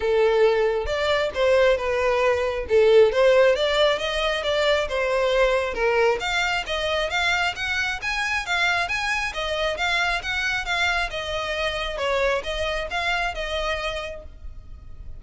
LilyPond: \new Staff \with { instrumentName = "violin" } { \time 4/4 \tempo 4 = 135 a'2 d''4 c''4 | b'2 a'4 c''4 | d''4 dis''4 d''4 c''4~ | c''4 ais'4 f''4 dis''4 |
f''4 fis''4 gis''4 f''4 | gis''4 dis''4 f''4 fis''4 | f''4 dis''2 cis''4 | dis''4 f''4 dis''2 | }